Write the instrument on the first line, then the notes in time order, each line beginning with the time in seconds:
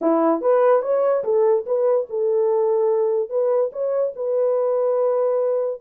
horn
0.01 E4
0.41 B4
0.82 C#5
1.24 A4
1.66 B4
2.09 A4
3.29 B4
3.72 C#5
4.15 B4